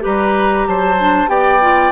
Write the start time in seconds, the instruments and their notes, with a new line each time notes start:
0.00 bassoon G3, clarinet G4, oboe B4, flute A#5
0.68 bassoon F#3, oboe C5, flute A5
1.00 clarinet D4
1.28 bassoon B3, clarinet G4, oboe D5, flute G5
1.61 clarinet F4